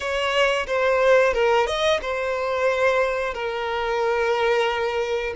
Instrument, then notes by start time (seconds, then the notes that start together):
violin
0.00 C#5
0.67 C5
1.33 A#4
1.66 D#5
2.01 C5
3.34 A#4